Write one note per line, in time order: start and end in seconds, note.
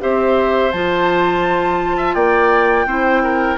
0.00 0.73 C4
0.00 0.71 G4
0.00 1.97 C5
0.00 0.72 E5
0.72 2.15 F3
0.72 2.87 F4
0.72 2.14 A5
1.97 2.15 E5
2.14 2.86 A#3
2.14 2.86 D5
2.14 3.57 G5
2.86 3.57 C4
2.86 3.58 E4
2.86 3.23 C5
3.24 3.58 A#4